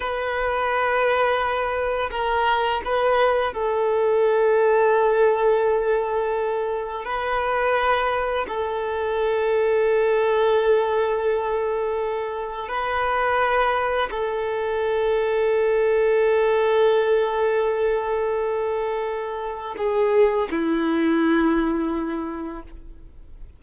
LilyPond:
\new Staff \with { instrumentName = "violin" } { \time 4/4 \tempo 4 = 85 b'2. ais'4 | b'4 a'2.~ | a'2 b'2 | a'1~ |
a'2 b'2 | a'1~ | a'1 | gis'4 e'2. | }